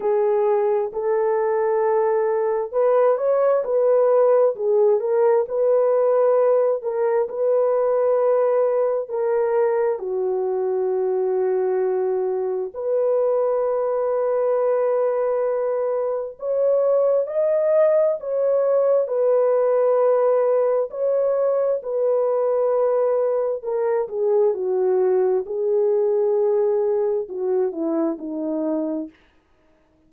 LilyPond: \new Staff \with { instrumentName = "horn" } { \time 4/4 \tempo 4 = 66 gis'4 a'2 b'8 cis''8 | b'4 gis'8 ais'8 b'4. ais'8 | b'2 ais'4 fis'4~ | fis'2 b'2~ |
b'2 cis''4 dis''4 | cis''4 b'2 cis''4 | b'2 ais'8 gis'8 fis'4 | gis'2 fis'8 e'8 dis'4 | }